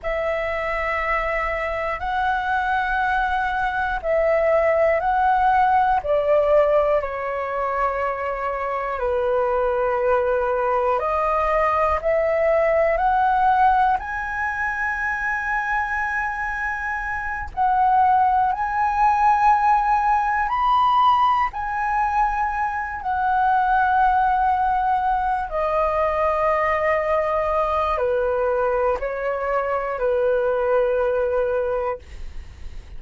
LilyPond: \new Staff \with { instrumentName = "flute" } { \time 4/4 \tempo 4 = 60 e''2 fis''2 | e''4 fis''4 d''4 cis''4~ | cis''4 b'2 dis''4 | e''4 fis''4 gis''2~ |
gis''4. fis''4 gis''4.~ | gis''8 b''4 gis''4. fis''4~ | fis''4. dis''2~ dis''8 | b'4 cis''4 b'2 | }